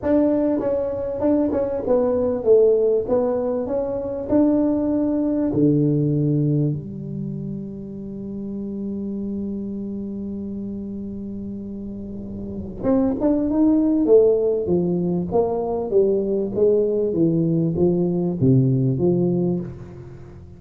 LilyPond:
\new Staff \with { instrumentName = "tuba" } { \time 4/4 \tempo 4 = 98 d'4 cis'4 d'8 cis'8 b4 | a4 b4 cis'4 d'4~ | d'4 d2 g4~ | g1~ |
g1~ | g4 c'8 d'8 dis'4 a4 | f4 ais4 g4 gis4 | e4 f4 c4 f4 | }